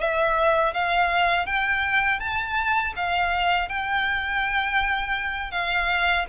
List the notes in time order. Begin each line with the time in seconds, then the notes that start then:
0.00 E5
0.74 F5
1.46 G5
2.20 A5
2.96 F5
3.69 G5
5.52 F5